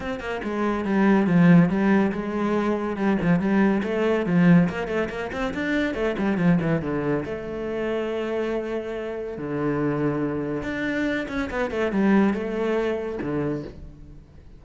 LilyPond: \new Staff \with { instrumentName = "cello" } { \time 4/4 \tempo 4 = 141 c'8 ais8 gis4 g4 f4 | g4 gis2 g8 f8 | g4 a4 f4 ais8 a8 | ais8 c'8 d'4 a8 g8 f8 e8 |
d4 a2.~ | a2 d2~ | d4 d'4. cis'8 b8 a8 | g4 a2 d4 | }